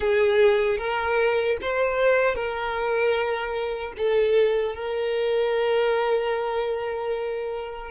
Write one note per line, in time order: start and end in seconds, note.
0.00 0.78 G#4
0.78 1.57 A#4
1.61 2.35 C5
2.35 3.93 A#4
3.97 4.75 A4
4.75 7.90 A#4